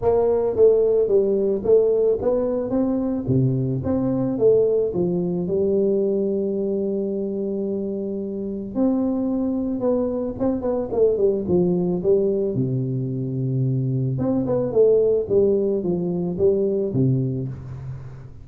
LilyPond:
\new Staff \with { instrumentName = "tuba" } { \time 4/4 \tempo 4 = 110 ais4 a4 g4 a4 | b4 c'4 c4 c'4 | a4 f4 g2~ | g1 |
c'2 b4 c'8 b8 | a8 g8 f4 g4 c4~ | c2 c'8 b8 a4 | g4 f4 g4 c4 | }